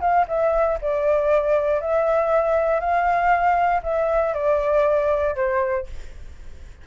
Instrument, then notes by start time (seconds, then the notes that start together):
flute
0.00 F5
0.28 E5
0.81 D5
1.81 E5
2.80 F5
3.83 E5
4.34 D5
5.35 C5